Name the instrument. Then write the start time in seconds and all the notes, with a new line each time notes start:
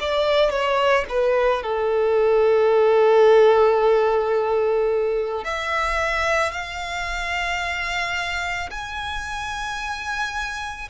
violin
0.00 D5
0.50 C#5
1.09 B4
1.62 A4
5.44 E5
6.51 F5
8.70 G#5